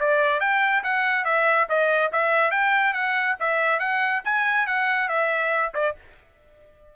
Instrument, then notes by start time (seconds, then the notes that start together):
trumpet
0.00 D5
0.40 G5
0.84 F#5
1.25 E5
1.69 D#5
2.12 E5
2.51 G5
2.93 F#5
3.40 E5
3.80 F#5
4.25 G#5
4.67 F#5
5.09 E5
5.74 D5